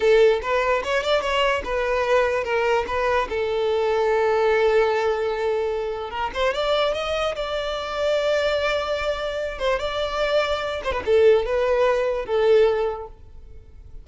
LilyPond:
\new Staff \with { instrumentName = "violin" } { \time 4/4 \tempo 4 = 147 a'4 b'4 cis''8 d''8 cis''4 | b'2 ais'4 b'4 | a'1~ | a'2. ais'8 c''8 |
d''4 dis''4 d''2~ | d''2.~ d''8 c''8 | d''2~ d''8 c''16 b'16 a'4 | b'2 a'2 | }